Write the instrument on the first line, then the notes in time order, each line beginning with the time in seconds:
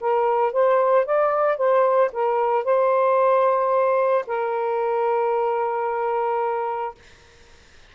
saxophone
0.00 A#4
0.52 C5
1.05 D5
1.57 C5
2.12 A#4
2.64 C5
4.26 A#4